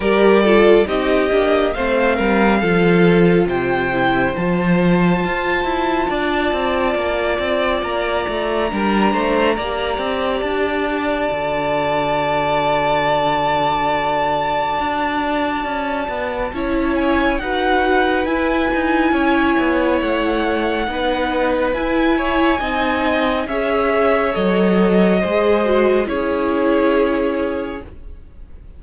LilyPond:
<<
  \new Staff \with { instrumentName = "violin" } { \time 4/4 \tempo 4 = 69 d''4 dis''4 f''2 | g''4 a''2.~ | a''4 ais''2. | a''1~ |
a''2.~ a''8 gis''8 | fis''4 gis''2 fis''4~ | fis''4 gis''2 e''4 | dis''2 cis''2 | }
  \new Staff \with { instrumentName = "violin" } { \time 4/4 ais'8 a'8 g'4 c''8 ais'8 a'4 | c''2. d''4~ | d''2 ais'8 c''8 d''4~ | d''1~ |
d''2. cis''4 | b'2 cis''2 | b'4. cis''8 dis''4 cis''4~ | cis''4 c''4 gis'2 | }
  \new Staff \with { instrumentName = "viola" } { \time 4/4 g'8 f'8 dis'8 d'8 c'4 f'4~ | f'8 e'8 f'2.~ | f'2 d'4 g'4~ | g'4 fis'2.~ |
fis'2. e'4 | fis'4 e'2. | dis'4 e'4 dis'4 gis'4 | a'4 gis'8 fis'8 e'2 | }
  \new Staff \with { instrumentName = "cello" } { \time 4/4 g4 c'8 ais8 a8 g8 f4 | c4 f4 f'8 e'8 d'8 c'8 | ais8 c'8 ais8 a8 g8 a8 ais8 c'8 | d'4 d2.~ |
d4 d'4 cis'8 b8 cis'4 | dis'4 e'8 dis'8 cis'8 b8 a4 | b4 e'4 c'4 cis'4 | fis4 gis4 cis'2 | }
>>